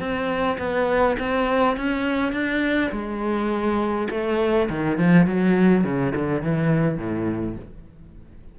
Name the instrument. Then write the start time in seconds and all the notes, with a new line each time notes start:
cello
0.00 C4
0.59 B3
1.20 C4
1.77 C#4
2.33 D4
2.92 G#3
4.11 A3
4.69 D#3
4.98 F3
5.27 F#3
5.84 C#3
6.16 D3
6.42 E3
6.98 A2